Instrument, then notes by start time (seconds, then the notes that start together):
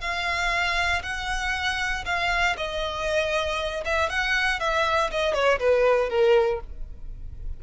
violin
0.00 F5
1.02 F#5
2.05 F5
2.57 D#5
3.85 E5
4.09 F#5
4.59 E5
5.11 D#5
5.33 C#5
5.59 B4
6.09 A#4